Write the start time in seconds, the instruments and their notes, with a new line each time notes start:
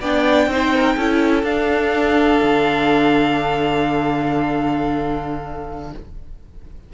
0.00 cello B3, viola D4, violin D5 G5
0.47 cello C4, viola D#4, violin C5
0.75 violin A#4
0.96 cello C#4, viola E4, violin A4
1.43 cello D4, viola D4, violin F5
2.42 cello D3